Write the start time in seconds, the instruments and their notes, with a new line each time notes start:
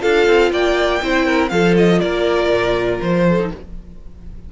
0.00 cello D4, viola F4, violin A4 F5
0.27 cello C4
0.51 cello A#3, violin D5 G5
1.02 cello C4, viola E4, violin C5
1.26 violin A#4
1.49 cello F3, viola F4, violin A4 F5
1.77 violin D#5
2.00 cello A#3, violin A#4 D5
2.50 cello A#2
3.01 cello F3, violin C5
3.27 violin A4
3.39 viola D#4